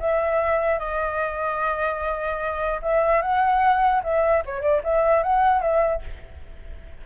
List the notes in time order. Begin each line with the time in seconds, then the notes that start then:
0.00 E5
0.79 D#5
2.82 E5
3.22 F#5
4.03 E5
4.45 C#5
4.61 D5
4.84 E5
5.23 F#5
5.62 E5